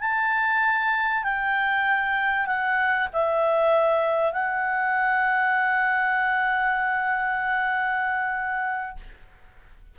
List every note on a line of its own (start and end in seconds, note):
0.00 1.23 A5
1.23 2.46 G5
2.46 3.08 F#5
3.13 4.32 E5
4.32 8.96 F#5